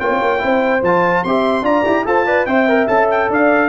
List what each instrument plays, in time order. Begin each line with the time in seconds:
0.00 tuba A#3, trombone F4, horn C#5, trumpet G5
0.10 tuba C4
0.22 tuba A#3
0.39 tuba C4, trombone E4, horn C5
0.82 tuba F3, trombone F4, trumpet A5
1.24 tuba C4, trombone G4, horn E5, trumpet C6
1.62 tuba D4, trombone F4, horn D5, trumpet A#5
1.85 tuba E4, trombone G4
2.06 tuba F4, trombone A4, horn C5, trumpet A5
2.27 trombone B4, horn D5
2.46 tuba C4, trombone C5, horn E5, trumpet G5
2.69 trombone A#4
2.88 tuba C#4, trombone A4, trumpet A5
3.11 trumpet G5
3.30 tuba D4, horn D5, trumpet F5